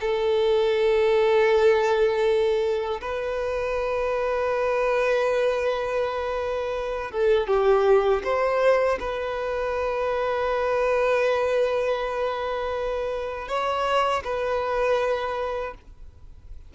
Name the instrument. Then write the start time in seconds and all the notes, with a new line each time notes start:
violin
0.00 A4
3.01 B4
7.11 A4
7.47 G4
8.23 C5
9.00 B4
13.48 C#5
14.24 B4